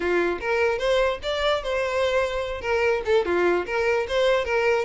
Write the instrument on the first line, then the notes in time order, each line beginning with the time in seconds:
violin
0.00 F4
0.40 A#4
0.78 C5
1.22 D5
1.63 C5
2.61 A#4
3.05 A4
3.25 F4
3.66 A#4
4.08 C5
4.45 A#4